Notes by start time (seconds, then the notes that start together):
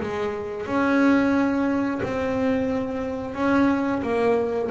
0.00 G#3
0.66 C#4
2.03 C4
3.34 C#4
4.02 A#3